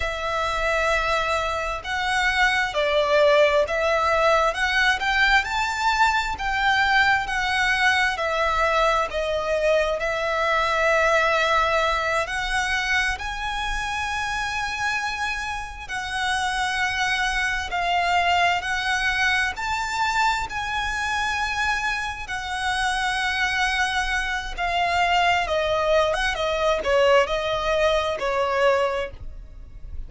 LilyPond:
\new Staff \with { instrumentName = "violin" } { \time 4/4 \tempo 4 = 66 e''2 fis''4 d''4 | e''4 fis''8 g''8 a''4 g''4 | fis''4 e''4 dis''4 e''4~ | e''4. fis''4 gis''4.~ |
gis''4. fis''2 f''8~ | f''8 fis''4 a''4 gis''4.~ | gis''8 fis''2~ fis''8 f''4 | dis''8. fis''16 dis''8 cis''8 dis''4 cis''4 | }